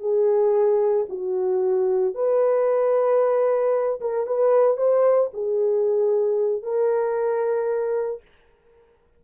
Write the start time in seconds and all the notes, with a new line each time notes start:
0.00 G#4
1.09 F#4
2.15 B4
4.01 A#4
4.27 B4
4.77 C5
5.33 G#4
6.63 A#4